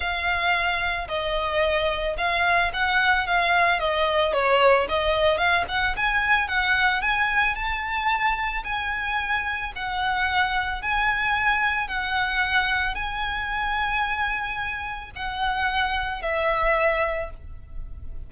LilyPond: \new Staff \with { instrumentName = "violin" } { \time 4/4 \tempo 4 = 111 f''2 dis''2 | f''4 fis''4 f''4 dis''4 | cis''4 dis''4 f''8 fis''8 gis''4 | fis''4 gis''4 a''2 |
gis''2 fis''2 | gis''2 fis''2 | gis''1 | fis''2 e''2 | }